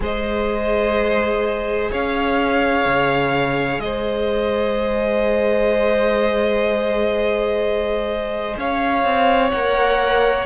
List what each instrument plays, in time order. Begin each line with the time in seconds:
0.00 cello G#3, viola G#4, violin C5 D#5
1.91 cello C#4, violin C#5 F5
2.85 cello C#3
3.79 cello G#3, violin C5 D#5
8.57 cello C#4, violin C#5 F5
9.04 cello C4
9.50 cello A#3, viola A#4, violin F#5